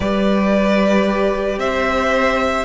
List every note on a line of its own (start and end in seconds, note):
0.00 1.57 G3
0.00 2.65 G4
0.00 1.59 B4
0.00 1.59 D5
1.57 2.64 C4
1.57 2.65 C5
1.57 2.65 E5